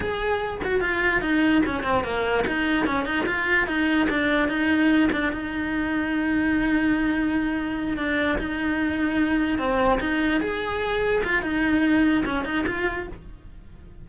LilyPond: \new Staff \with { instrumentName = "cello" } { \time 4/4 \tempo 4 = 147 gis'4. fis'8 f'4 dis'4 | cis'8 c'8 ais4 dis'4 cis'8 dis'8 | f'4 dis'4 d'4 dis'4~ | dis'8 d'8 dis'2.~ |
dis'2.~ dis'8 d'8~ | d'8 dis'2. c'8~ | c'8 dis'4 gis'2 f'8 | dis'2 cis'8 dis'8 f'4 | }